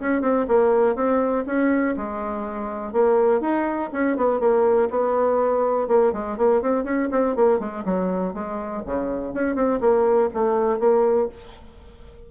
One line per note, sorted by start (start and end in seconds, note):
0.00 0.22 C#4
0.22 0.46 C4
0.48 0.95 A#3
0.95 1.45 C4
1.47 1.96 C#4
1.97 2.93 G#3
2.93 3.41 A#3
3.41 3.90 D#4
3.93 4.17 C#4
4.17 4.40 B3
4.40 4.89 A#3
4.90 5.88 B3
5.88 6.13 A#3
6.13 6.38 G#3
6.38 6.62 A#3
6.62 6.85 C4
6.85 7.09 C#4
7.12 7.36 C4
7.36 7.60 A#3
7.60 7.84 G#3
7.85 8.34 F#3
8.34 8.83 G#3
8.86 9.34 C#3
9.34 9.55 C#4
9.55 9.80 C4
9.81 10.30 A#3
10.34 10.80 A3
10.80 11.29 A#3